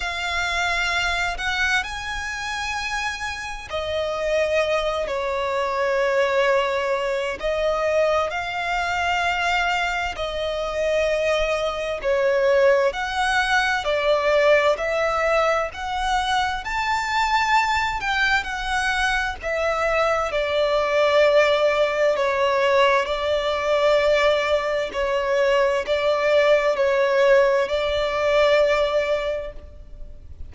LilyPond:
\new Staff \with { instrumentName = "violin" } { \time 4/4 \tempo 4 = 65 f''4. fis''8 gis''2 | dis''4. cis''2~ cis''8 | dis''4 f''2 dis''4~ | dis''4 cis''4 fis''4 d''4 |
e''4 fis''4 a''4. g''8 | fis''4 e''4 d''2 | cis''4 d''2 cis''4 | d''4 cis''4 d''2 | }